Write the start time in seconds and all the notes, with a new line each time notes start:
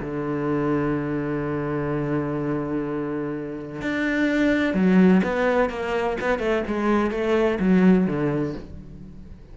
0.00 D3
3.81 D4
4.74 F#3
5.23 B3
5.69 A#3
6.21 B3
6.39 A3
6.67 G#3
7.10 A3
7.59 F#3
8.06 D3